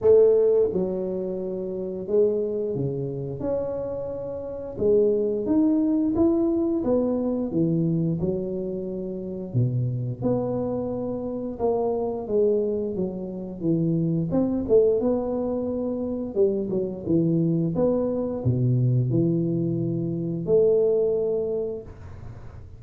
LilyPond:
\new Staff \with { instrumentName = "tuba" } { \time 4/4 \tempo 4 = 88 a4 fis2 gis4 | cis4 cis'2 gis4 | dis'4 e'4 b4 e4 | fis2 b,4 b4~ |
b4 ais4 gis4 fis4 | e4 c'8 a8 b2 | g8 fis8 e4 b4 b,4 | e2 a2 | }